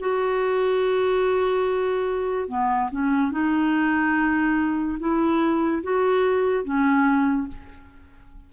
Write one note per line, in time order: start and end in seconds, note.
0.00 2.48 F#4
2.48 2.90 B3
2.92 3.32 C#4
3.32 4.98 D#4
5.00 5.83 E4
5.84 6.65 F#4
6.65 7.48 C#4